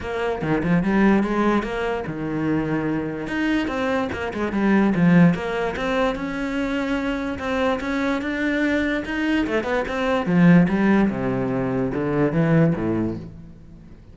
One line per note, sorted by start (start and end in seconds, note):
0.00 0.41 A#3
0.41 0.62 D#3
0.63 0.83 F3
0.83 1.23 G3
1.23 1.62 G#3
1.62 2.03 A#3
2.07 3.27 D#3
3.27 3.67 D#4
3.67 4.09 C4
4.12 4.33 A#3
4.33 4.52 G#3
4.52 4.93 G3
4.95 5.34 F3
5.34 5.75 A#3
5.76 6.15 C4
6.15 7.38 C#4
7.38 7.79 C4
7.80 8.21 C#4
8.21 9.03 D4
9.05 9.46 D#4
9.47 9.63 A3
9.63 9.84 B3
9.88 10.26 C4
10.26 10.67 F3
10.68 11.09 G3
11.09 11.92 C3
11.94 12.32 D3
12.32 12.73 E3
12.75 13.16 A2